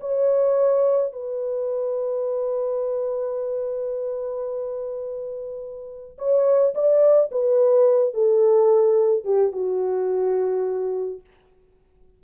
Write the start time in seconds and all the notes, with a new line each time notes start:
0.00 C#5
1.12 B4
6.18 C#5
6.74 D5
7.31 B4
8.13 A4
9.24 G4
9.52 F#4